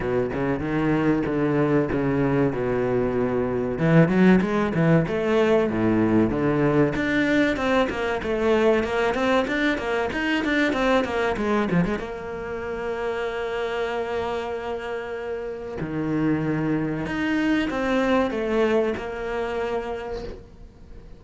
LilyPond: \new Staff \with { instrumentName = "cello" } { \time 4/4 \tempo 4 = 95 b,8 cis8 dis4 d4 cis4 | b,2 e8 fis8 gis8 e8 | a4 a,4 d4 d'4 | c'8 ais8 a4 ais8 c'8 d'8 ais8 |
dis'8 d'8 c'8 ais8 gis8 f16 gis16 ais4~ | ais1~ | ais4 dis2 dis'4 | c'4 a4 ais2 | }